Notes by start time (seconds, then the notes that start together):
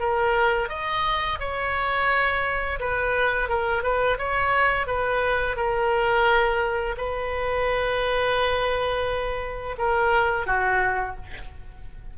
0.00 A#4
0.69 D#5
1.40 C#5
2.80 B4
3.49 A#4
3.83 B4
4.19 C#5
4.87 B4
5.57 A#4
6.97 B4
9.78 A#4
10.47 F#4